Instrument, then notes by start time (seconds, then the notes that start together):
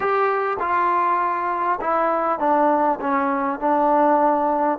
trombone
0.00 G4
0.59 F4
1.80 E4
2.39 D4
3.00 C#4
3.59 D4